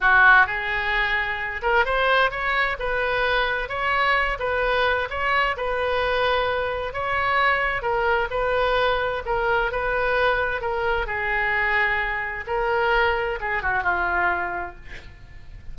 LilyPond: \new Staff \with { instrumentName = "oboe" } { \time 4/4 \tempo 4 = 130 fis'4 gis'2~ gis'8 ais'8 | c''4 cis''4 b'2 | cis''4. b'4. cis''4 | b'2. cis''4~ |
cis''4 ais'4 b'2 | ais'4 b'2 ais'4 | gis'2. ais'4~ | ais'4 gis'8 fis'8 f'2 | }